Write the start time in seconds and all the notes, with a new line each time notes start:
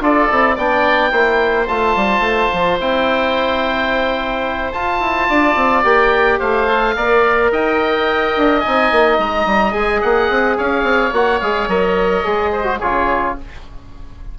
0.00 D4 F4 A4 D5
0.30 C4 E4
0.56 B3 D4 D5 G5
1.11 A#3 E4 C5
1.68 A3 F4 A5
1.96 G3
2.20 A3
2.53 F3
2.80 C4 E4 G5
4.72 F4 A5
5.00 E4
5.29 D4 D5
5.56 C4
5.84 A#3 G4 G5
6.39 A3 C5 F5
6.67 A4
6.96 A#3 A#4 D5
7.52 D#4 D#5 G5
8.36 D4
8.60 D#4 G#5
8.67 C4
8.92 A#3
9.18 G#3 A#5
9.46 G3
9.72 G#3 G#4 G#5
10.02 A#3 F#5
10.30 C4
10.57 C#4 C#5 F5
10.83 C4
11.13 A#3 F#4 F#5
11.40 G#3 G#4 F5
11.68 F#3 A#4 D#5
12.24 G#3 G#4
12.52 C5
12.64 F#4
12.79 C#3 F4 G#4 C#5